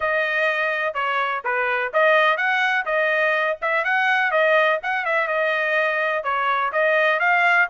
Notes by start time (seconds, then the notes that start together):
0.00 D#5
0.94 C#5
1.44 B4
1.93 D#5
2.37 F#5
2.85 D#5
3.61 E5
3.84 F#5
4.31 D#5
4.82 F#5
5.05 E5
5.27 D#5
6.23 C#5
6.72 D#5
7.19 F5